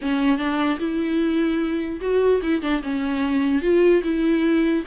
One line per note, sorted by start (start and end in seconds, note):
0.01 0.38 C#4
0.38 0.78 D4
0.79 2.00 E4
2.01 2.41 F#4
2.42 2.62 E4
2.62 2.82 D4
2.82 3.61 C#4
3.61 4.02 F4
4.03 4.84 E4